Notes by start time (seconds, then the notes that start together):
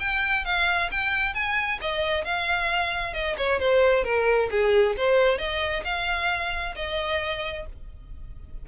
0.00 G5
0.45 F5
0.91 G5
1.35 G#5
1.82 D#5
2.25 F5
3.14 D#5
3.37 C#5
3.60 C5
4.04 A#4
4.51 G#4
4.97 C5
5.38 D#5
5.85 F5
6.76 D#5